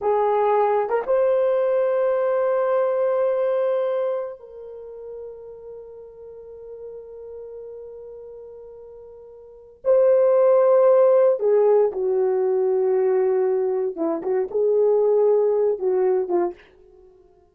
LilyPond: \new Staff \with { instrumentName = "horn" } { \time 4/4 \tempo 4 = 116 gis'4.~ gis'16 ais'16 c''2~ | c''1~ | c''8 ais'2.~ ais'8~ | ais'1~ |
ais'2. c''4~ | c''2 gis'4 fis'4~ | fis'2. e'8 fis'8 | gis'2~ gis'8 fis'4 f'8 | }